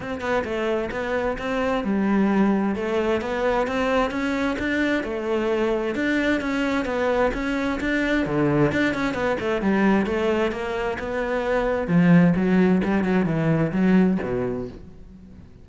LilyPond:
\new Staff \with { instrumentName = "cello" } { \time 4/4 \tempo 4 = 131 c'8 b8 a4 b4 c'4 | g2 a4 b4 | c'4 cis'4 d'4 a4~ | a4 d'4 cis'4 b4 |
cis'4 d'4 d4 d'8 cis'8 | b8 a8 g4 a4 ais4 | b2 f4 fis4 | g8 fis8 e4 fis4 b,4 | }